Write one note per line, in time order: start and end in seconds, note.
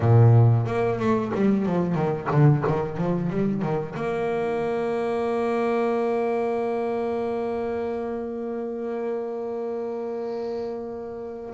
0.00 0.66 A#2
0.66 0.99 A#3
0.99 1.32 A3
1.34 1.65 G3
1.65 1.95 F3
1.95 2.27 D#3
2.30 2.63 D3
2.67 2.97 D#3
2.97 3.30 F3
3.30 3.61 G3
3.61 3.94 D#3
3.95 11.53 A#3